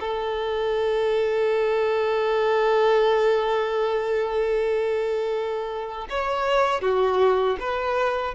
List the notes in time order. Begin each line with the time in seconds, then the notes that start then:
0.00 A4
6.09 C#5
6.81 F#4
7.60 B4